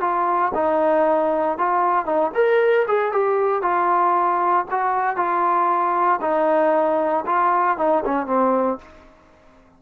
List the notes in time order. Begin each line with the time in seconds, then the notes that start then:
0.00 F4
0.54 D#4
1.58 F4
2.05 D#4
2.34 A#4
2.88 G#4
3.12 G4
3.62 F4
4.70 F#4
5.16 F4
6.21 D#4
7.26 F4
7.78 D#4
8.05 C#4
8.26 C4